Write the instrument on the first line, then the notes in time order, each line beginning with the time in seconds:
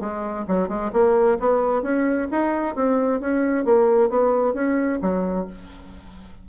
bassoon
0.00 G#3
0.47 F#3
0.68 G#3
0.92 A#3
1.39 B3
1.82 C#4
2.31 D#4
2.75 C4
3.20 C#4
3.64 A#3
4.09 B3
4.54 C#4
5.01 F#3